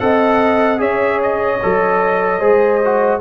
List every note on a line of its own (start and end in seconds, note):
0.00 0.81 C4
0.00 0.78 A4
0.00 0.81 D#5
0.00 0.80 F#5
0.78 1.61 C#4
0.78 1.58 G#4
0.78 2.40 C#5
0.78 1.21 E5
1.23 3.21 D#5
1.63 2.41 F#3
1.63 2.41 A4
2.40 3.21 G#3
2.40 2.81 G#4
2.40 3.20 C5
2.85 3.21 F#4